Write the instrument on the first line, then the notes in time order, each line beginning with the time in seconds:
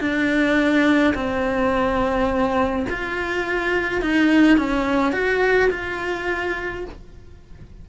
cello
0.00 D4
1.15 C4
2.90 F4
4.02 D#4
4.58 C#4
5.13 F#4
5.71 F4